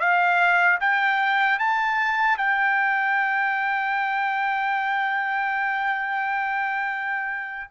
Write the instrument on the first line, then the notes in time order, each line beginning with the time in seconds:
trumpet
0.00 F5
0.80 G5
1.59 A5
2.38 G5